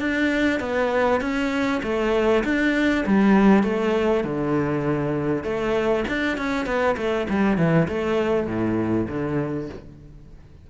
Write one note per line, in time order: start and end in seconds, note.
0.00 0.61 D4
0.61 1.21 B3
1.21 1.82 C#4
1.83 2.44 A3
2.45 3.05 D4
3.06 3.64 G3
3.64 4.25 A3
4.25 5.44 D3
5.44 6.05 A3
6.09 6.38 D4
6.38 6.66 C#4
6.66 6.97 B3
6.98 7.28 A3
7.30 7.58 G3
7.58 7.88 E3
7.88 8.47 A3
8.47 9.08 A2
9.09 9.69 D3